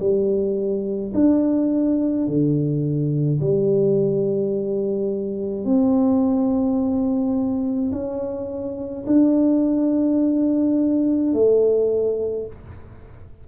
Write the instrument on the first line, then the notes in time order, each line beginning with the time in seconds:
tuba
0.00 G3
1.14 D4
2.27 D3
3.41 G3
5.65 C4
7.92 C#4
9.07 D4
11.33 A3